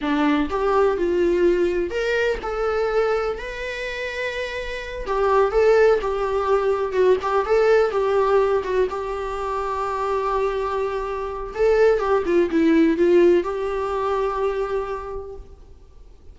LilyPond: \new Staff \with { instrumentName = "viola" } { \time 4/4 \tempo 4 = 125 d'4 g'4 f'2 | ais'4 a'2 b'4~ | b'2~ b'8 g'4 a'8~ | a'8 g'2 fis'8 g'8 a'8~ |
a'8 g'4. fis'8 g'4.~ | g'1 | a'4 g'8 f'8 e'4 f'4 | g'1 | }